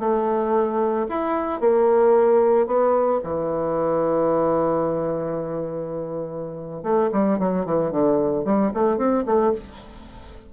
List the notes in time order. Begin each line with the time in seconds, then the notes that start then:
0.00 A3
1.10 E4
1.61 A#3
2.67 B3
3.24 E3
6.84 A3
7.12 G3
7.39 F#3
7.66 E3
7.92 D3
8.45 G3
8.74 A3
8.98 C4
9.26 A3